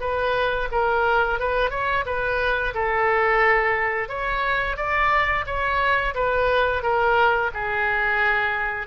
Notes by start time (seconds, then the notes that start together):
0.00 B4
0.71 A#4
1.39 B4
1.70 C#5
2.05 B4
2.74 A4
4.08 C#5
4.76 D5
5.46 C#5
6.14 B4
6.82 A#4
7.54 G#4